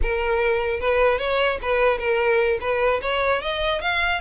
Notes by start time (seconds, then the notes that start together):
0.02 A#4
0.80 B4
1.18 C#5
1.62 B4
1.98 A#4
2.60 B4
3.01 C#5
3.41 D#5
3.81 F5